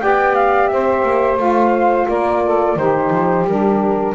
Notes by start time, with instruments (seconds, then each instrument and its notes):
0.00 double bass B3, saxophone G4 D5, flute G5
0.35 flute F5
0.67 double bass C4, saxophone C5, flute E5
1.02 double bass A#3
1.37 double bass A3, saxophone F4, flute F5
2.08 double bass A#3, saxophone A#4, flute D5
2.44 saxophone A4
2.76 double bass D#3, saxophone D#4 G4, flute C5
3.10 double bass F3
3.44 double bass G3, saxophone D4, flute A#4